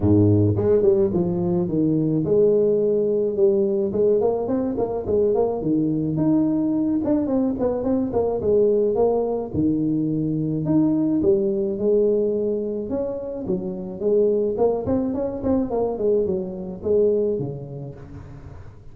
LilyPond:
\new Staff \with { instrumentName = "tuba" } { \time 4/4 \tempo 4 = 107 gis,4 gis8 g8 f4 dis4 | gis2 g4 gis8 ais8 | c'8 ais8 gis8 ais8 dis4 dis'4~ | dis'8 d'8 c'8 b8 c'8 ais8 gis4 |
ais4 dis2 dis'4 | g4 gis2 cis'4 | fis4 gis4 ais8 c'8 cis'8 c'8 | ais8 gis8 fis4 gis4 cis4 | }